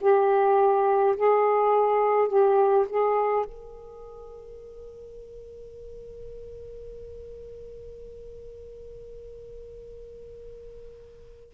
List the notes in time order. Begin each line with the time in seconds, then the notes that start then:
0.00 G4
1.16 G#4
2.28 G4
2.89 G#4
3.45 A#4